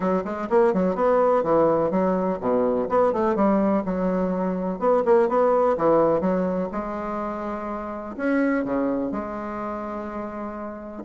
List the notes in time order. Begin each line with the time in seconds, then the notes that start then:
0.00 F#3
0.24 G#3
0.49 A#3
0.73 F#3
0.95 B3
1.43 E3
1.90 F#3
2.40 B2
2.89 B3
3.12 A3
3.35 G3
3.85 F#3
4.79 B3
5.05 A#3
5.28 B3
5.77 E3
6.20 F#3
6.72 G#3
8.16 C#4
8.64 C#3
9.11 G#3